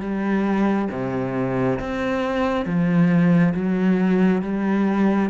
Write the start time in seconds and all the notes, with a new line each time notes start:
0.00 G3
0.91 C3
1.79 C4
2.65 F3
3.55 F#3
4.42 G3